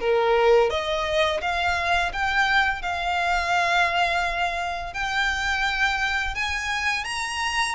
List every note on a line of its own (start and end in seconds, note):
0.00 0.70 A#4
0.70 1.41 D#5
1.41 2.12 F5
2.13 2.82 G5
2.82 4.93 F5
4.93 6.35 G5
6.35 7.04 G#5
7.04 7.75 A#5